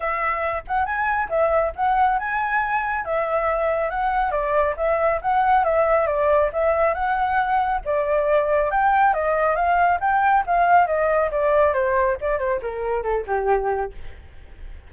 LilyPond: \new Staff \with { instrumentName = "flute" } { \time 4/4 \tempo 4 = 138 e''4. fis''8 gis''4 e''4 | fis''4 gis''2 e''4~ | e''4 fis''4 d''4 e''4 | fis''4 e''4 d''4 e''4 |
fis''2 d''2 | g''4 dis''4 f''4 g''4 | f''4 dis''4 d''4 c''4 | d''8 c''8 ais'4 a'8 g'4. | }